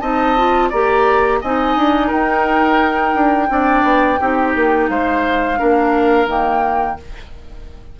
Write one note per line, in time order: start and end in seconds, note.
0.00 0.72 C4
0.00 0.37 D#4
0.00 0.69 D#5
0.00 0.70 A5
0.37 0.72 F4
0.69 1.42 A#3
0.69 1.43 G4
0.69 1.39 D5
0.69 1.41 A#5
1.41 1.76 C4
1.41 3.48 D#4
1.41 2.07 D#5
1.41 2.10 G#5
1.76 2.11 D4
2.07 3.15 D#4
2.07 3.47 A#4
2.07 4.89 G5
3.15 3.49 D4
3.48 3.83 C4
3.48 4.18 D4
3.48 4.20 D5
3.83 4.18 B3
4.20 4.55 C4
4.20 5.57 D#4
4.20 4.90 G4
4.55 4.89 A#3
4.89 5.59 G#3
4.89 5.59 C5
4.89 6.28 F5
5.57 6.27 A#3
5.57 6.27 D4
5.57 6.98 A#4
6.27 6.96 D#3
6.27 6.97 A#3
6.27 7.00 G5